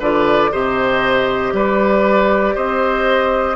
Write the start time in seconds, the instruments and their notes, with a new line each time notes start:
0.00 bassoon D3, clarinet F4, oboe B4, flute D5
0.52 bassoon C3, clarinet G4, oboe C5, flute D#5
1.53 bassoon G3, oboe B4, flute D5
2.55 bassoon C4, oboe C5, flute D#5